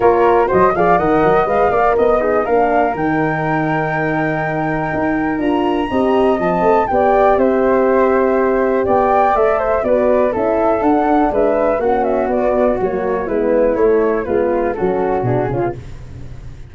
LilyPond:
<<
  \new Staff \with { instrumentName = "flute" } { \time 4/4 \tempo 4 = 122 cis''4 dis''8 f''8 fis''4 f''4 | dis''4 f''4 g''2~ | g''2. ais''4~ | ais''4 a''4 g''4 e''4~ |
e''2 g''4 e''4 | d''4 e''4 fis''4 e''4 | fis''8 e''8 d''4 cis''4 b'4 | cis''4 b'4 a'4 gis'4 | }
  \new Staff \with { instrumentName = "flute" } { \time 4/4 ais'4 c''8 d''8 dis''4. d''8 | dis''8 dis'8 ais'2.~ | ais'1 | dis''2 d''4 c''4~ |
c''2 d''4. c''8 | b'4 a'2 b'4 | fis'2. e'4~ | e'4 f'4 fis'4. f'8 | }
  \new Staff \with { instrumentName = "horn" } { \time 4/4 f'4 fis'8 gis'8 ais'4 b'8 ais'8~ | ais'8 gis'8 d'4 dis'2~ | dis'2. f'4 | g'4 c'4 g'2~ |
g'2. a'4 | fis'4 e'4 d'2 | cis'4 b4 ais4 b4 | a4 b4 cis'4 d'8 cis'16 b16 | }
  \new Staff \with { instrumentName = "tuba" } { \time 4/4 ais4 fis8 f8 dis8 fis8 gis8 ais8 | b4 ais4 dis2~ | dis2 dis'4 d'4 | c'4 f8 a8 b4 c'4~ |
c'2 b4 a4 | b4 cis'4 d'4 gis4 | ais4 b4 fis4 gis4 | a4 gis4 fis4 b,8 cis8 | }
>>